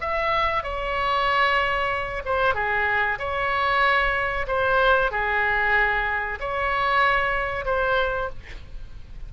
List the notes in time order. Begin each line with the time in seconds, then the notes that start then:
0.00 E5
0.63 C#5
2.25 C5
2.54 G#4
3.19 C#5
4.47 C5
5.11 G#4
6.40 C#5
7.65 C5